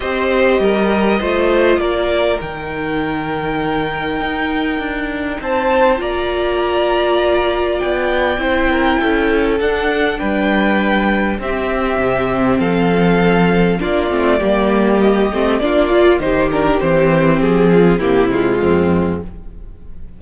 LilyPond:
<<
  \new Staff \with { instrumentName = "violin" } { \time 4/4 \tempo 4 = 100 dis''2. d''4 | g''1~ | g''4 a''4 ais''2~ | ais''4 g''2. |
fis''4 g''2 e''4~ | e''4 f''2 d''4~ | d''4 dis''4 d''4 c''8 ais'8 | c''4 gis'4 g'8 f'4. | }
  \new Staff \with { instrumentName = "violin" } { \time 4/4 c''4 ais'4 c''4 ais'4~ | ais'1~ | ais'4 c''4 d''2~ | d''2 c''8 ais'8 a'4~ |
a'4 b'2 g'4~ | g'4 a'2 f'4 | g'2 f'4 g'4~ | g'4. f'8 e'4 c'4 | }
  \new Staff \with { instrumentName = "viola" } { \time 4/4 g'2 f'2 | dis'1~ | dis'2 f'2~ | f'2 e'2 |
d'2. c'4~ | c'2. d'8 c'8 | ais4. c'8 d'8 f'8 dis'8 d'8 | c'2 ais8 gis4. | }
  \new Staff \with { instrumentName = "cello" } { \time 4/4 c'4 g4 a4 ais4 | dis2. dis'4 | d'4 c'4 ais2~ | ais4 b4 c'4 cis'4 |
d'4 g2 c'4 | c4 f2 ais8 a8 | g4. a8 ais4 dis4 | e4 f4 c4 f,4 | }
>>